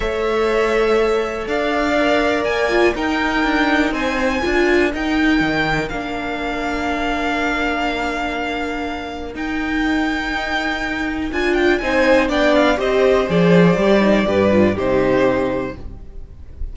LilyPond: <<
  \new Staff \with { instrumentName = "violin" } { \time 4/4 \tempo 4 = 122 e''2. f''4~ | f''4 gis''4 g''2 | gis''2 g''2 | f''1~ |
f''2. g''4~ | g''2. gis''8 g''8 | gis''4 g''8 f''8 dis''4 d''4~ | d''2 c''2 | }
  \new Staff \with { instrumentName = "violin" } { \time 4/4 cis''2. d''4~ | d''2 ais'2 | c''4 ais'2.~ | ais'1~ |
ais'1~ | ais'1 | c''4 d''4 c''2~ | c''4 b'4 g'2 | }
  \new Staff \with { instrumentName = "viola" } { \time 4/4 a'1 | ais'4. f'8 dis'2~ | dis'4 f'4 dis'2 | d'1~ |
d'2. dis'4~ | dis'2. f'4 | dis'4 d'4 g'4 gis'4 | g'8 dis'8 g'8 f'8 dis'2 | }
  \new Staff \with { instrumentName = "cello" } { \time 4/4 a2. d'4~ | d'4 ais4 dis'4 d'4 | c'4 d'4 dis'4 dis4 | ais1~ |
ais2. dis'4~ | dis'2. d'4 | c'4 b4 c'4 f4 | g4 g,4 c2 | }
>>